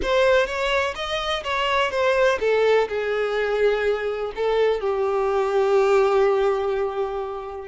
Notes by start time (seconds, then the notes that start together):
0.02 C5
0.46 C#5
0.95 D#5
1.43 C#5
1.90 C5
2.40 A4
2.88 G#4
4.35 A4
4.80 G4